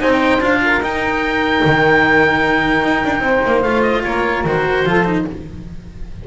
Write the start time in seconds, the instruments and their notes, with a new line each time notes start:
0.00 double bass C4, cello D#4, saxophone C5, oboe G#5
0.12 oboe G5
0.40 double bass D4, cello F4, oboe F5
0.65 saxophone A#4
0.80 double bass D#4, cello D#4, oboe G5
1.65 double bass D#3
2.83 double bass D#4
3.05 double bass D4
3.20 double bass C4, saxophone C5
3.46 double bass A#3
3.62 double bass A3, cello F4, oboe F5
3.83 oboe D#5
4.03 double bass A#3, saxophone A#4, oboe C#5
4.45 double bass D#3, cello F#4, oboe C5
4.85 double bass F3, cello F4, saxophone A4
5.05 cello D#4